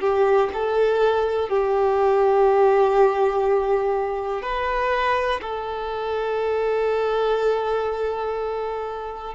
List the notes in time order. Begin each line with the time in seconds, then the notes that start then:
0.00 G4
0.54 A4
1.49 G4
4.42 B4
5.41 A4